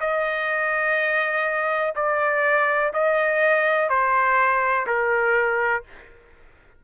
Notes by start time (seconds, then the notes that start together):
0.00 D#5
1.95 D5
2.93 D#5
3.89 C5
4.87 A#4